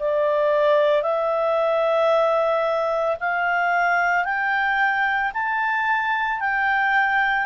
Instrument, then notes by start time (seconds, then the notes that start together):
clarinet
0.00 D5
1.02 E5
3.20 F5
4.25 G5
5.34 A5
6.40 G5